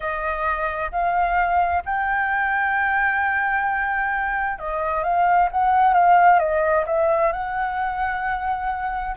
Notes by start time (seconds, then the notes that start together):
0.00 D#5
0.91 F5
1.85 G5
4.58 D#5
5.03 F5
5.51 F#5
5.93 F5
6.39 D#5
6.86 E5
7.32 F#5